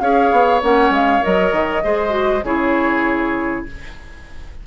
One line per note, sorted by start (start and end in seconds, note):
0.00 0.31 C#4
0.00 0.61 G#4
0.00 1.83 C#5
0.00 0.61 F5
0.31 0.61 B3
0.61 0.90 A#3
0.61 1.22 C#4
0.61 0.93 F#5
0.90 1.20 G#3
0.90 1.23 F5
1.22 1.52 F#3
1.22 1.82 A#4
1.22 2.44 D#5
1.52 1.82 D#3
1.83 2.43 G#3
1.83 2.09 G#4
1.83 2.44 C5
2.09 2.39 F#4
2.43 3.64 C#3
2.43 3.66 E4
2.43 3.65 G#4
2.43 3.65 C#5